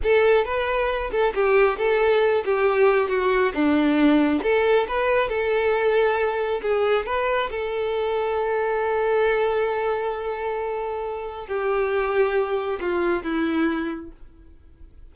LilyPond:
\new Staff \with { instrumentName = "violin" } { \time 4/4 \tempo 4 = 136 a'4 b'4. a'8 g'4 | a'4. g'4. fis'4 | d'2 a'4 b'4 | a'2. gis'4 |
b'4 a'2.~ | a'1~ | a'2 g'2~ | g'4 f'4 e'2 | }